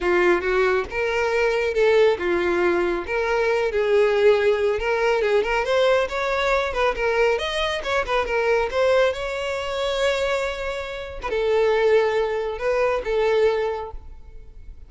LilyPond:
\new Staff \with { instrumentName = "violin" } { \time 4/4 \tempo 4 = 138 f'4 fis'4 ais'2 | a'4 f'2 ais'4~ | ais'8 gis'2~ gis'8 ais'4 | gis'8 ais'8 c''4 cis''4. b'8 |
ais'4 dis''4 cis''8 b'8 ais'4 | c''4 cis''2.~ | cis''4.~ cis''16 b'16 a'2~ | a'4 b'4 a'2 | }